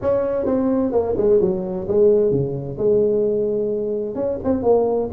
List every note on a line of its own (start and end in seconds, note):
0.01 0.45 C#4
0.45 0.92 C4
0.92 1.15 A#3
1.17 1.40 G#3
1.41 1.87 F#3
1.88 2.31 G#3
2.31 2.77 C#3
2.77 4.15 G#3
4.15 4.38 C#4
4.43 4.63 C4
4.63 5.09 A#3